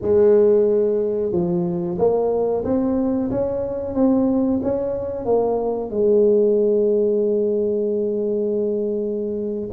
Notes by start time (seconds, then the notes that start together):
0.01 G#3
1.32 F3
1.98 A#3
2.64 C4
3.30 C#4
3.94 C4
4.62 C#4
5.25 A#3
5.90 G#3